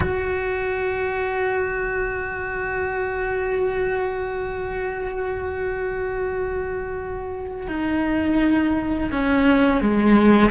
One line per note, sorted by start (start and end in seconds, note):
0.00 7.67 F#4
7.67 9.10 D#4
9.11 9.80 C#4
9.80 10.50 G#3